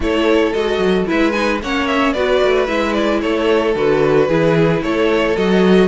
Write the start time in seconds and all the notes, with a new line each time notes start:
0.00 A3 E4 A4 C#5
0.53 G#3 F#4 D#5
0.78 F#3
1.06 G#3 E4 B4 E5
1.31 D#4 G#5
1.62 A#3 C#4 C#5 F#5
1.87 E5
2.12 B3 F#4 B4 D5
2.43 A3
2.66 G#3 E4 E5
2.93 D5
3.21 A3 A4 C#5
3.75 D3 F#4 B4
4.28 E3 E4 G#4
4.82 A3 A4 C#5
5.36 F#3 F#4 D#5